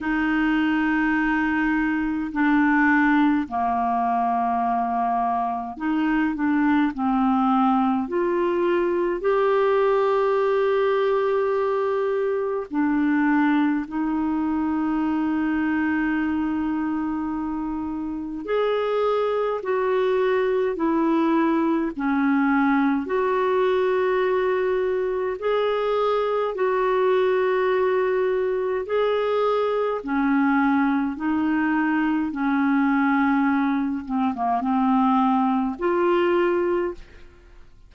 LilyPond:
\new Staff \with { instrumentName = "clarinet" } { \time 4/4 \tempo 4 = 52 dis'2 d'4 ais4~ | ais4 dis'8 d'8 c'4 f'4 | g'2. d'4 | dis'1 |
gis'4 fis'4 e'4 cis'4 | fis'2 gis'4 fis'4~ | fis'4 gis'4 cis'4 dis'4 | cis'4. c'16 ais16 c'4 f'4 | }